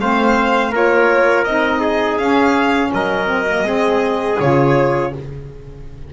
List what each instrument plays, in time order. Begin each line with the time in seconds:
0.00 double bass A3, saxophone C4, trumpet C5, violin F5
0.71 double bass A#3, saxophone F4, trumpet A#4, violin C#5
1.44 double bass C4, saxophone D#4, violin D#5
1.80 trumpet G#4
2.17 double bass C#4, saxophone C#4, violin F5
2.92 double bass F#3, trumpet A#4, violin D#5
3.26 saxophone C4
3.46 saxophone A#3
3.63 double bass G#3, saxophone C4, trumpet G#4
4.39 double bass C#3, saxophone F4, violin C#5